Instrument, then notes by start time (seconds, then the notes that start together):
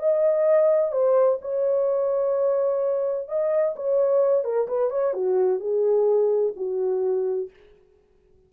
horn
0.00 D#5
0.92 C5
1.42 C#5
3.28 D#5
3.76 C#5
4.44 A#4
4.68 B4
4.91 C#5
5.14 F#4
5.60 G#4
6.57 F#4